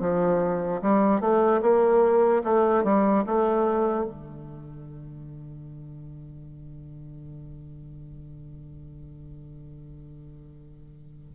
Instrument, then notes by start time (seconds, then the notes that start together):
bassoon
0.00 F3
0.81 G3
1.20 A3
1.61 A#3
2.43 A3
2.83 G3
3.26 A3
4.05 D3